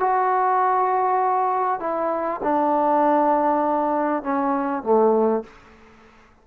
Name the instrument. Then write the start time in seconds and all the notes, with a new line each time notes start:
trombone
0.00 F#4
1.80 E4
2.44 D4
4.23 C#4
4.83 A3